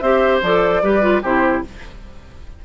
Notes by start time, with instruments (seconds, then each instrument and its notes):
0.00 bassoon C4, clarinet G4, oboe C5, flute E5
0.43 bassoon F3, clarinet A4, flute D5
0.83 bassoon G3, clarinet G4, oboe B4
1.02 clarinet F4
1.23 bassoon C3, clarinet E4, oboe G4, flute C5